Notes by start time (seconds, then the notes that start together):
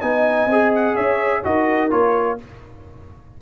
0.00 B3 D#4 D#5 G#5
0.46 C4 G#4
0.75 F#5
0.95 C#4 C#5 E5
1.43 D#4 F#4 A#4 D#5
1.90 A#3 F4 C#5